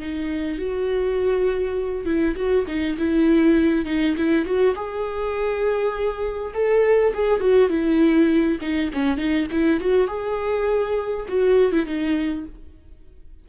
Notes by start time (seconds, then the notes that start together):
0.00 D#4
0.58 F#4
2.05 E4
2.36 F#4
2.67 D#4
2.98 E4
3.86 D#4
4.17 E4
4.46 F#4
4.75 G#4
6.54 A4
7.14 G#4
7.40 F#4
7.70 E4
8.61 D#4
8.94 C#4
9.17 D#4
9.51 E4
9.80 F#4
10.07 G#4
11.28 F#4
11.72 E4
11.86 D#4